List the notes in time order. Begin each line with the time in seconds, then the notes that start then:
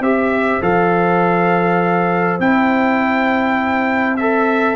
0.00 C4 G4 C5 E5
0.62 F3 A4 F5
2.39 C4 E4 G5
4.16 A4 E5